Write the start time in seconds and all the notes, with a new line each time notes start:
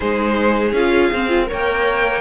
0.00 G#3 D#4 G#4 C5
0.72 C#4 F4 F5
1.13 C4
1.28 F4
1.45 A#4 C#5
1.51 A#3 G5